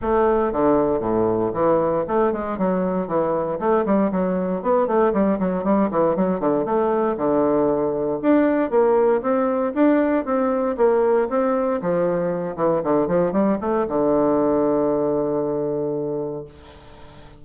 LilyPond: \new Staff \with { instrumentName = "bassoon" } { \time 4/4 \tempo 4 = 117 a4 d4 a,4 e4 | a8 gis8 fis4 e4 a8 g8 | fis4 b8 a8 g8 fis8 g8 e8 | fis8 d8 a4 d2 |
d'4 ais4 c'4 d'4 | c'4 ais4 c'4 f4~ | f8 e8 d8 f8 g8 a8 d4~ | d1 | }